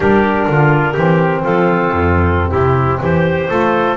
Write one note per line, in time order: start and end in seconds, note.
0.00 0.46 G3
0.00 0.95 D4
0.00 0.48 G4
0.00 1.44 A#4
0.47 0.95 D3
0.47 0.93 F4
0.93 1.44 E3
0.93 3.47 C4
0.93 1.41 G4
1.44 1.91 F3
1.44 2.51 F4
1.44 2.51 A4
1.91 2.51 F2
2.51 3.00 C3
2.51 2.99 E4
2.51 2.99 G4
3.00 3.48 E3
3.00 3.49 G4
3.00 3.97 C5
3.48 3.97 A3
3.48 3.96 F4
3.48 3.97 A4